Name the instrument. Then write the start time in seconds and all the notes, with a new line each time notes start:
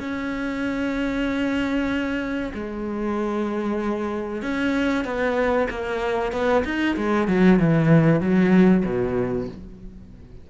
cello
0.00 C#4
2.54 G#3
4.43 C#4
5.05 B3
5.70 A#3
6.32 B3
6.65 D#4
6.97 G#3
7.28 F#3
7.60 E3
8.21 F#3
8.85 B2